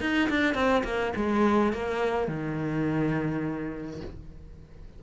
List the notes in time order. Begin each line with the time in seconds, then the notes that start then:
0.00 D#4
0.29 D4
0.54 C4
0.83 A#3
1.16 G#3
1.73 A#3
2.28 D#3